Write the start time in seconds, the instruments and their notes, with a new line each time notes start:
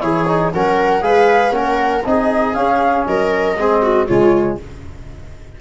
0.00 tuba E3, trombone E4, viola G#4, flute C#5
0.28 trombone D#4
0.53 tuba F#3, trombone C#4, viola A#4, flute F#5
1.02 tuba G#3, trombone G#4, viola B4, flute F5
1.52 tuba A#3, trombone C#4, viola A#4, flute F#5
2.05 tuba C4, trombone D#4, viola G#4, flute D#5
2.54 trombone C#4, tuba C#4, flute F5
3.06 tuba F#3, viola A#4, flute D#5
3.58 tuba G#3, trombone C4, viola G#4
3.82 viola F#4
4.07 tuba C#3, trombone G#3, viola F4, flute C#5